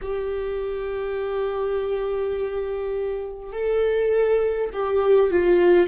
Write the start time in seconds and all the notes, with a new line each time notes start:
0.01 G4
3.52 A4
4.73 G4
5.30 F4